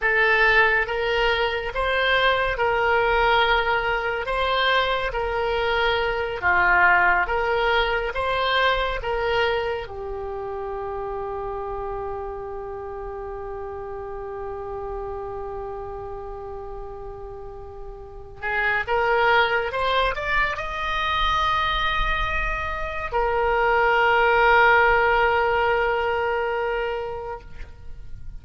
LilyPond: \new Staff \with { instrumentName = "oboe" } { \time 4/4 \tempo 4 = 70 a'4 ais'4 c''4 ais'4~ | ais'4 c''4 ais'4. f'8~ | f'8 ais'4 c''4 ais'4 g'8~ | g'1~ |
g'1~ | g'4. gis'8 ais'4 c''8 d''8 | dis''2. ais'4~ | ais'1 | }